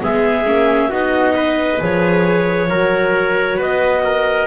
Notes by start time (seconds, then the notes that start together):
0.00 G#3 B3 G#4 E5
0.46 A#3 C#4
0.90 B3 D#4 F#4 D#5
1.36 B4
1.79 F3 G#4 C#5
2.70 F#3 F#4 A#4
3.57 B3 B4 D#5
4.05 A#4